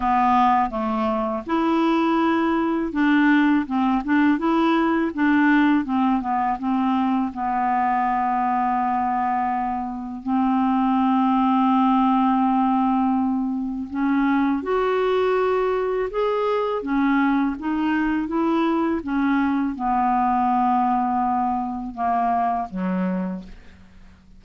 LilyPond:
\new Staff \with { instrumentName = "clarinet" } { \time 4/4 \tempo 4 = 82 b4 a4 e'2 | d'4 c'8 d'8 e'4 d'4 | c'8 b8 c'4 b2~ | b2 c'2~ |
c'2. cis'4 | fis'2 gis'4 cis'4 | dis'4 e'4 cis'4 b4~ | b2 ais4 fis4 | }